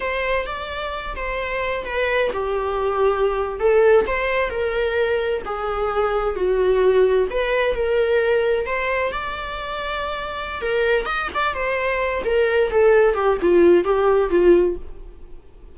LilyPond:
\new Staff \with { instrumentName = "viola" } { \time 4/4 \tempo 4 = 130 c''4 d''4. c''4. | b'4 g'2~ g'8. a'16~ | a'8. c''4 ais'2 gis'16~ | gis'4.~ gis'16 fis'2 b'16~ |
b'8. ais'2 c''4 d''16~ | d''2. ais'4 | dis''8 d''8 c''4. ais'4 a'8~ | a'8 g'8 f'4 g'4 f'4 | }